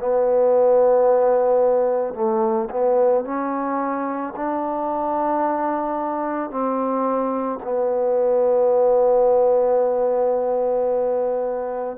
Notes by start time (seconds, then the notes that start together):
0.00 B3
2.15 A3
2.71 B3
3.25 C#4
4.36 D4
6.51 C4
7.64 B3